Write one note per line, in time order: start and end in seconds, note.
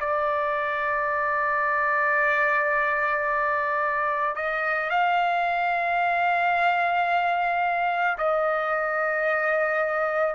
0.00 4.36 D5
4.36 4.90 D#5
4.90 8.18 F5
8.18 10.35 D#5